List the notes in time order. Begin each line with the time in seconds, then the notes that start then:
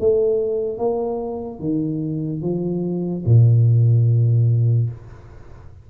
0.00 A3
0.78 A#3
1.60 D#3
2.42 F3
3.26 A#2